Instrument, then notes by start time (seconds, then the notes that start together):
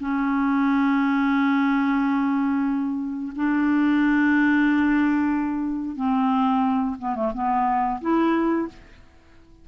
clarinet
0.00 C#4
3.36 D4
5.96 C4
6.99 B3
7.15 A3
7.34 B3
8.02 E4